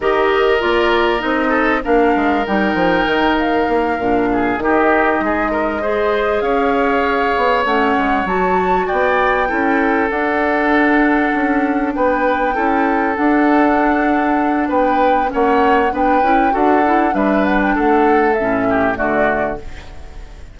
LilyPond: <<
  \new Staff \with { instrumentName = "flute" } { \time 4/4 \tempo 4 = 98 dis''4 d''4 dis''4 f''4 | g''4. f''2 dis''8~ | dis''2~ dis''8 f''4.~ | f''8 fis''4 a''4 g''4.~ |
g''8 fis''2. g''8~ | g''4. fis''2~ fis''8 | g''4 fis''4 g''4 fis''4 | e''8 fis''16 g''16 fis''4 e''4 d''4 | }
  \new Staff \with { instrumentName = "oboe" } { \time 4/4 ais'2~ ais'8 a'8 ais'4~ | ais'2. gis'8 g'8~ | g'8 gis'8 ais'8 c''4 cis''4.~ | cis''2~ cis''8 d''4 a'8~ |
a'2.~ a'8 b'8~ | b'8 a'2.~ a'8 | b'4 cis''4 b'4 a'4 | b'4 a'4. g'8 fis'4 | }
  \new Staff \with { instrumentName = "clarinet" } { \time 4/4 g'4 f'4 dis'4 d'4 | dis'2~ dis'8 d'4 dis'8~ | dis'4. gis'2~ gis'8~ | gis'8 cis'4 fis'2 e'8~ |
e'8 d'2.~ d'8~ | d'8 e'4 d'2~ d'8~ | d'4 cis'4 d'8 e'8 fis'8 e'8 | d'2 cis'4 a4 | }
  \new Staff \with { instrumentName = "bassoon" } { \time 4/4 dis4 ais4 c'4 ais8 gis8 | g8 f8 dis4 ais8 ais,4 dis8~ | dis8 gis2 cis'4. | b8 a8 gis8 fis4 b4 cis'8~ |
cis'8 d'2 cis'4 b8~ | b8 cis'4 d'2~ d'8 | b4 ais4 b8 cis'8 d'4 | g4 a4 a,4 d4 | }
>>